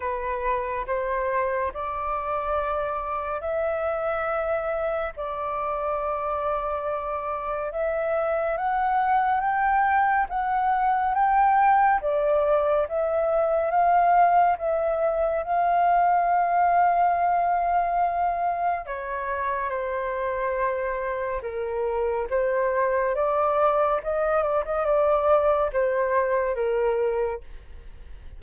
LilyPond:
\new Staff \with { instrumentName = "flute" } { \time 4/4 \tempo 4 = 70 b'4 c''4 d''2 | e''2 d''2~ | d''4 e''4 fis''4 g''4 | fis''4 g''4 d''4 e''4 |
f''4 e''4 f''2~ | f''2 cis''4 c''4~ | c''4 ais'4 c''4 d''4 | dis''8 d''16 dis''16 d''4 c''4 ais'4 | }